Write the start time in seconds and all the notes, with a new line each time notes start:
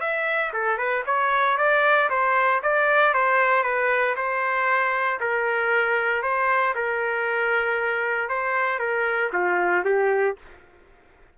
0.00 E5
0.53 A4
0.78 B4
1.06 C#5
1.57 D5
2.09 C5
2.62 D5
3.14 C5
3.63 B4
4.16 C5
5.20 A#4
6.22 C5
6.75 A#4
8.29 C5
8.79 A#4
9.33 F4
9.85 G4